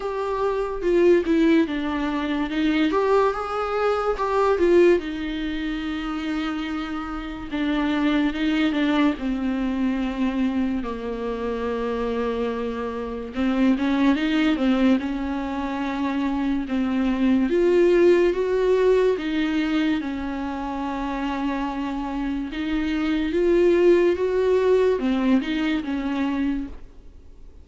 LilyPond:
\new Staff \with { instrumentName = "viola" } { \time 4/4 \tempo 4 = 72 g'4 f'8 e'8 d'4 dis'8 g'8 | gis'4 g'8 f'8 dis'2~ | dis'4 d'4 dis'8 d'8 c'4~ | c'4 ais2. |
c'8 cis'8 dis'8 c'8 cis'2 | c'4 f'4 fis'4 dis'4 | cis'2. dis'4 | f'4 fis'4 c'8 dis'8 cis'4 | }